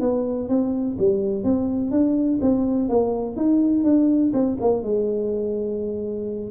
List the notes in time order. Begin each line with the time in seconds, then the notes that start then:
0.00 B3
0.48 C4
0.99 G3
1.44 C4
1.91 D4
2.41 C4
2.89 A#3
3.36 D#4
3.84 D4
4.33 C4
4.61 A#3
4.83 G#3